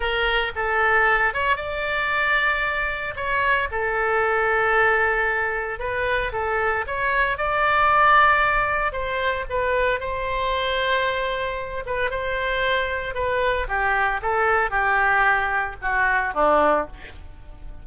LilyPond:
\new Staff \with { instrumentName = "oboe" } { \time 4/4 \tempo 4 = 114 ais'4 a'4. cis''8 d''4~ | d''2 cis''4 a'4~ | a'2. b'4 | a'4 cis''4 d''2~ |
d''4 c''4 b'4 c''4~ | c''2~ c''8 b'8 c''4~ | c''4 b'4 g'4 a'4 | g'2 fis'4 d'4 | }